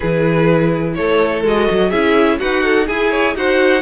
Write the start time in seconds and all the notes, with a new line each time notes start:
0.00 E3 E4 G#4 B4
0.94 A3 A4 C#5
1.44 G#3 F#4 D#5
1.70 F#3
1.89 C#4 E4 G#4 E5
2.39 D#4 F#4 B4 F#5
2.63 A4
2.86 E4 G#4 G#5
3.10 C#5
3.35 D#4 F#4 C5 F#5